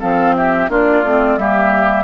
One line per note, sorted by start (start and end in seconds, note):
0.00 0.69 F3
0.00 0.69 C4
0.00 0.34 A4
0.00 0.35 F5
0.36 0.70 G4
0.36 0.70 E5
0.69 1.03 A#3
0.69 1.04 D4
0.69 1.39 F4
0.69 1.37 D5
1.03 1.37 A3
1.03 1.39 C4
1.37 2.04 G3
1.37 2.04 A#3
1.37 2.04 G4
1.37 2.04 E5